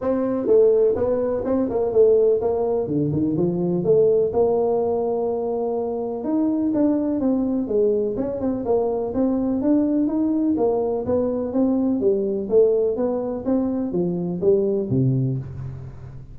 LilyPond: \new Staff \with { instrumentName = "tuba" } { \time 4/4 \tempo 4 = 125 c'4 a4 b4 c'8 ais8 | a4 ais4 d8 dis8 f4 | a4 ais2.~ | ais4 dis'4 d'4 c'4 |
gis4 cis'8 c'8 ais4 c'4 | d'4 dis'4 ais4 b4 | c'4 g4 a4 b4 | c'4 f4 g4 c4 | }